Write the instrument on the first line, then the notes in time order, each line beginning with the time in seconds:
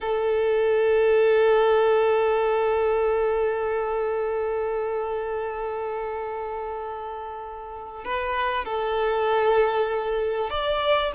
violin
0.00 A4
8.04 B4
8.64 A4
10.50 D5